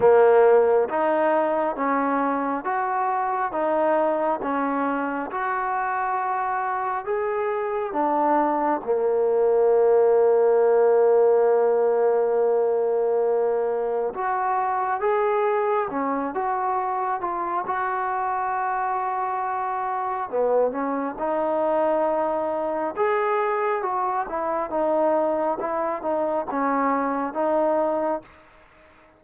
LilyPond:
\new Staff \with { instrumentName = "trombone" } { \time 4/4 \tempo 4 = 68 ais4 dis'4 cis'4 fis'4 | dis'4 cis'4 fis'2 | gis'4 d'4 ais2~ | ais1 |
fis'4 gis'4 cis'8 fis'4 f'8 | fis'2. b8 cis'8 | dis'2 gis'4 fis'8 e'8 | dis'4 e'8 dis'8 cis'4 dis'4 | }